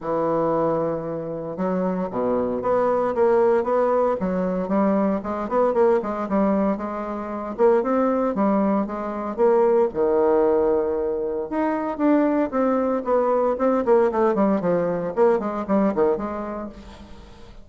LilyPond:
\new Staff \with { instrumentName = "bassoon" } { \time 4/4 \tempo 4 = 115 e2. fis4 | b,4 b4 ais4 b4 | fis4 g4 gis8 b8 ais8 gis8 | g4 gis4. ais8 c'4 |
g4 gis4 ais4 dis4~ | dis2 dis'4 d'4 | c'4 b4 c'8 ais8 a8 g8 | f4 ais8 gis8 g8 dis8 gis4 | }